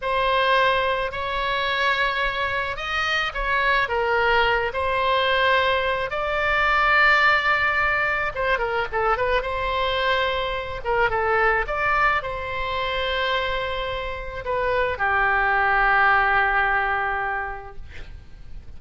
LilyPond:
\new Staff \with { instrumentName = "oboe" } { \time 4/4 \tempo 4 = 108 c''2 cis''2~ | cis''4 dis''4 cis''4 ais'4~ | ais'8 c''2~ c''8 d''4~ | d''2. c''8 ais'8 |
a'8 b'8 c''2~ c''8 ais'8 | a'4 d''4 c''2~ | c''2 b'4 g'4~ | g'1 | }